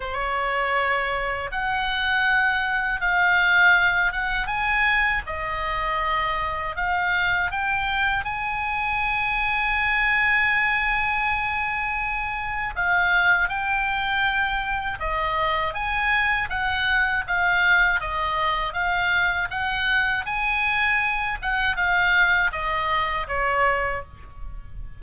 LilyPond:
\new Staff \with { instrumentName = "oboe" } { \time 4/4 \tempo 4 = 80 cis''2 fis''2 | f''4. fis''8 gis''4 dis''4~ | dis''4 f''4 g''4 gis''4~ | gis''1~ |
gis''4 f''4 g''2 | dis''4 gis''4 fis''4 f''4 | dis''4 f''4 fis''4 gis''4~ | gis''8 fis''8 f''4 dis''4 cis''4 | }